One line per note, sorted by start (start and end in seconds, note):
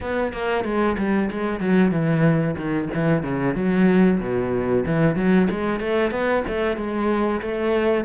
0.01 0.32 B3
0.32 0.64 A#3
0.64 0.96 G#3
0.97 1.30 G3
1.30 1.60 G#3
1.60 1.91 F#3
1.91 2.55 E3
2.56 2.89 D#3
2.94 3.22 E3
3.22 3.55 C#3
3.55 4.19 F#3
4.20 4.84 B2
4.85 5.15 E3
5.15 5.48 F#3
5.50 5.79 G#3
5.79 6.11 A3
6.11 6.43 B3
6.47 6.76 A3
6.76 7.41 G#3
7.41 8.04 A3